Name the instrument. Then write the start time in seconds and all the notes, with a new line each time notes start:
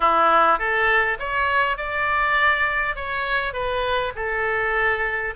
oboe
0.00 E4
0.58 A4
1.19 C#5
1.77 D5
2.95 C#5
3.53 B4
4.15 A4